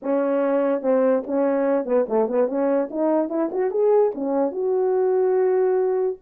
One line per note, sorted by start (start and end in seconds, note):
0.02 0.81 C#4
0.81 1.23 C4
1.26 1.85 C#4
1.85 2.06 B3
2.08 2.28 A3
2.28 2.47 B3
2.47 2.89 C#4
2.90 3.29 D#4
3.29 3.50 E4
3.52 3.70 F#4
3.70 4.12 G#4
4.14 4.51 C#4
4.51 6.17 F#4